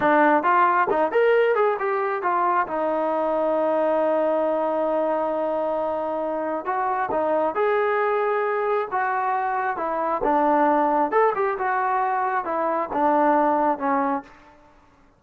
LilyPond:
\new Staff \with { instrumentName = "trombone" } { \time 4/4 \tempo 4 = 135 d'4 f'4 dis'8 ais'4 gis'8 | g'4 f'4 dis'2~ | dis'1~ | dis'2. fis'4 |
dis'4 gis'2. | fis'2 e'4 d'4~ | d'4 a'8 g'8 fis'2 | e'4 d'2 cis'4 | }